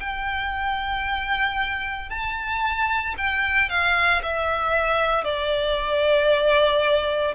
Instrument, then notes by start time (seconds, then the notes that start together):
violin
0.00 G5
2.10 A5
3.18 G5
3.69 F5
4.23 E5
5.24 D5